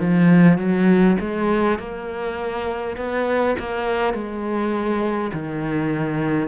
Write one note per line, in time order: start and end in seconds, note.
0.00 0.58 F3
0.58 1.17 F#3
1.20 1.79 G#3
1.79 2.97 A#3
2.97 3.56 B3
3.59 4.13 A#3
4.13 5.31 G#3
5.33 6.48 D#3